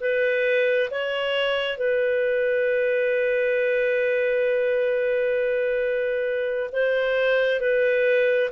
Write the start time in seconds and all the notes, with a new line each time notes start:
0.00 B4
0.90 C#5
1.77 B4
6.72 C5
7.60 B4